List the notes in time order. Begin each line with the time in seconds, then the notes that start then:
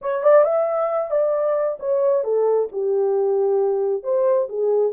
0.01 C#5
0.23 D5
0.44 E5
1.11 D5
1.79 C#5
2.23 A4
2.72 G4
4.03 C5
4.49 G#4